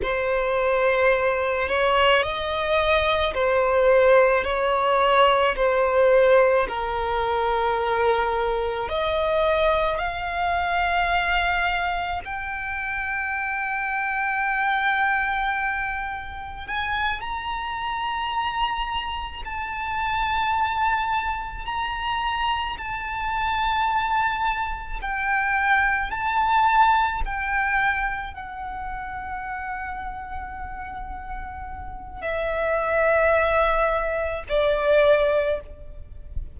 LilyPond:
\new Staff \with { instrumentName = "violin" } { \time 4/4 \tempo 4 = 54 c''4. cis''8 dis''4 c''4 | cis''4 c''4 ais'2 | dis''4 f''2 g''4~ | g''2. gis''8 ais''8~ |
ais''4. a''2 ais''8~ | ais''8 a''2 g''4 a''8~ | a''8 g''4 fis''2~ fis''8~ | fis''4 e''2 d''4 | }